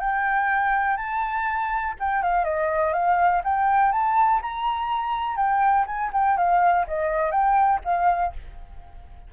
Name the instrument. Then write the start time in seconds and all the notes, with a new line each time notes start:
flute
0.00 G5
0.97 A5
2.00 G5
2.23 F5
2.44 D#5
2.93 F5
3.44 G5
3.92 A5
4.42 A#5
5.37 G5
5.86 G#5
6.13 G5
6.37 F5
6.87 D#5
7.31 G5
7.84 F5